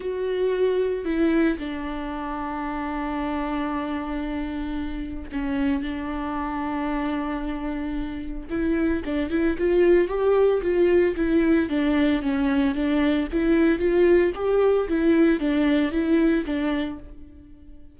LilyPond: \new Staff \with { instrumentName = "viola" } { \time 4/4 \tempo 4 = 113 fis'2 e'4 d'4~ | d'1~ | d'2 cis'4 d'4~ | d'1 |
e'4 d'8 e'8 f'4 g'4 | f'4 e'4 d'4 cis'4 | d'4 e'4 f'4 g'4 | e'4 d'4 e'4 d'4 | }